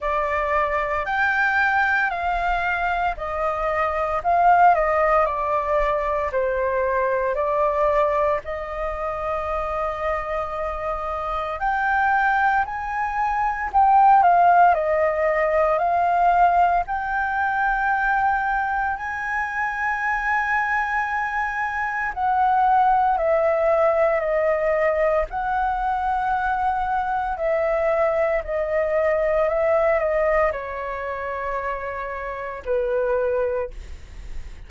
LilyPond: \new Staff \with { instrumentName = "flute" } { \time 4/4 \tempo 4 = 57 d''4 g''4 f''4 dis''4 | f''8 dis''8 d''4 c''4 d''4 | dis''2. g''4 | gis''4 g''8 f''8 dis''4 f''4 |
g''2 gis''2~ | gis''4 fis''4 e''4 dis''4 | fis''2 e''4 dis''4 | e''8 dis''8 cis''2 b'4 | }